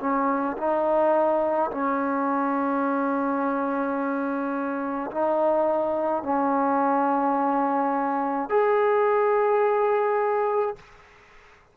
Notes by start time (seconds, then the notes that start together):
0.00 C#4
0.57 D#4
1.71 C#4
5.11 D#4
6.23 C#4
8.50 G#4